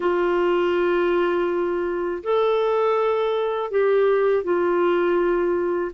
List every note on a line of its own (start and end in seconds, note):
0.00 2.22 F4
2.23 3.70 A4
3.70 4.43 G4
4.43 5.91 F4